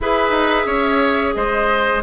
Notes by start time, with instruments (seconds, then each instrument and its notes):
0.00 bassoon E4, clarinet G#4, oboe B4, flute E5
0.30 bassoon D#4
0.65 bassoon C#4, oboe C#5
1.34 bassoon G#3, oboe C5, flute D#5